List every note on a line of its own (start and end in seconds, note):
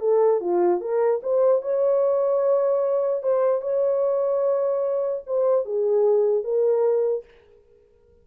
0.00 0.40 A4
0.40 0.81 F4
0.81 1.21 A#4
1.23 1.62 C5
1.62 3.23 C#5
3.23 3.61 C5
3.61 5.23 C#5
5.26 5.65 C5
5.65 6.44 G#4
6.44 7.24 A#4